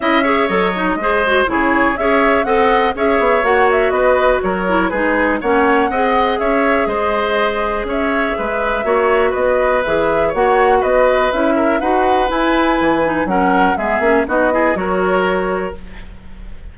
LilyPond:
<<
  \new Staff \with { instrumentName = "flute" } { \time 4/4 \tempo 4 = 122 e''4 dis''2 cis''4 | e''4 fis''4 e''4 fis''8 e''8 | dis''4 cis''4 b'4 fis''4~ | fis''4 e''4 dis''2 |
e''2. dis''4 | e''4 fis''4 dis''4 e''4 | fis''4 gis''2 fis''4 | e''4 dis''4 cis''2 | }
  \new Staff \with { instrumentName = "oboe" } { \time 4/4 dis''8 cis''4. c''4 gis'4 | cis''4 dis''4 cis''2 | b'4 ais'4 gis'4 cis''4 | dis''4 cis''4 c''2 |
cis''4 b'4 cis''4 b'4~ | b'4 cis''4 b'4. ais'8 | b'2. ais'4 | gis'4 fis'8 gis'8 ais'2 | }
  \new Staff \with { instrumentName = "clarinet" } { \time 4/4 e'8 gis'8 a'8 dis'8 gis'8 fis'8 e'4 | gis'4 a'4 gis'4 fis'4~ | fis'4. e'8 dis'4 cis'4 | gis'1~ |
gis'2 fis'2 | gis'4 fis'2 e'4 | fis'4 e'4. dis'8 cis'4 | b8 cis'8 dis'8 e'8 fis'2 | }
  \new Staff \with { instrumentName = "bassoon" } { \time 4/4 cis'4 fis4 gis4 cis4 | cis'4 c'4 cis'8 b8 ais4 | b4 fis4 gis4 ais4 | c'4 cis'4 gis2 |
cis'4 gis4 ais4 b4 | e4 ais4 b4 cis'4 | dis'4 e'4 e4 fis4 | gis8 ais8 b4 fis2 | }
>>